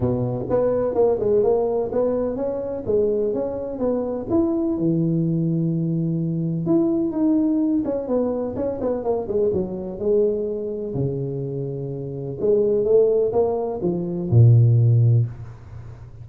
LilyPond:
\new Staff \with { instrumentName = "tuba" } { \time 4/4 \tempo 4 = 126 b,4 b4 ais8 gis8 ais4 | b4 cis'4 gis4 cis'4 | b4 e'4 e2~ | e2 e'4 dis'4~ |
dis'8 cis'8 b4 cis'8 b8 ais8 gis8 | fis4 gis2 cis4~ | cis2 gis4 a4 | ais4 f4 ais,2 | }